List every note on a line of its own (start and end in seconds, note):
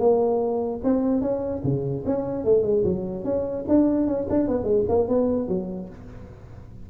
0.00 0.81 A#3
0.84 1.22 C4
1.22 1.62 C#4
1.64 2.05 C#3
2.06 2.45 C#4
2.45 2.64 A3
2.64 2.84 G#3
2.84 3.25 F#3
3.25 3.65 C#4
3.69 4.07 D4
4.07 4.28 C#4
4.30 4.48 D4
4.48 4.64 B3
4.64 4.84 G#3
4.89 5.09 A#3
5.09 5.49 B3
5.49 5.89 F#3